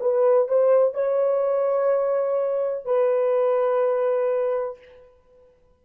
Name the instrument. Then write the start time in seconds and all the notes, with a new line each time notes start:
horn
0.00 B4
0.48 C5
0.94 C#5
2.85 B4